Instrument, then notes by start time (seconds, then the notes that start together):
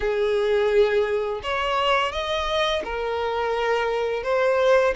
violin
0.00 G#4
1.42 C#5
2.11 D#5
2.84 A#4
4.23 C5